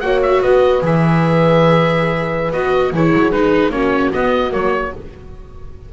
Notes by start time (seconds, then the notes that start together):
0.00 A#3 F#4 C#5 F#5
0.23 E5
0.42 B3 B4 D#5
0.82 E3 G#4 E5
2.53 B3 F#4 D#5
2.93 E3 E4 G#4 C#5
3.13 F#3
3.32 G#3 D#4 B4
3.70 A#3 C#4 F#4 C#5
4.12 B3 D#5
4.51 F#3 A#3 C#5